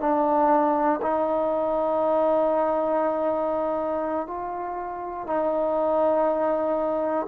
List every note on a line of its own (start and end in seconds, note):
0.00 1.00 D4
1.02 4.27 D#4
4.27 5.27 F4
5.27 7.27 D#4